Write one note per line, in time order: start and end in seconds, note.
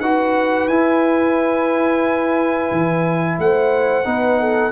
0.00 0.68 D#4
0.00 0.70 F#4
0.00 3.37 B4
0.00 0.68 F#5
0.68 2.70 E4
0.68 4.05 E4
0.68 3.38 G#5
2.72 3.39 E3
3.39 4.06 A3
3.39 4.08 C5
3.39 4.72 F#5
4.05 4.72 B3
4.05 4.72 D#4
4.05 4.40 B4
4.40 4.72 A4